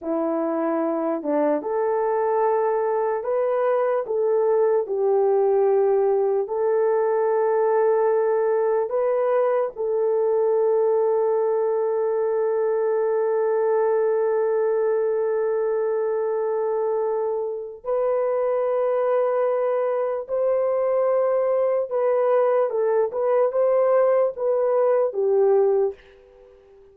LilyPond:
\new Staff \with { instrumentName = "horn" } { \time 4/4 \tempo 4 = 74 e'4. d'8 a'2 | b'4 a'4 g'2 | a'2. b'4 | a'1~ |
a'1~ | a'2 b'2~ | b'4 c''2 b'4 | a'8 b'8 c''4 b'4 g'4 | }